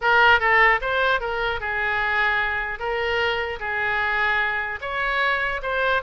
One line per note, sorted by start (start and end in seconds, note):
0.01 0.39 A#4
0.39 0.79 A4
0.81 1.20 C5
1.20 1.60 A#4
1.60 2.79 G#4
2.79 3.59 A#4
3.59 4.79 G#4
4.81 5.61 C#5
5.62 6.02 C5